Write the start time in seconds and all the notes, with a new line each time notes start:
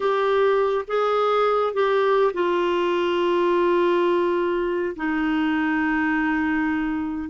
0.00 G4
0.87 G#4
1.73 G4
2.33 F4
4.96 D#4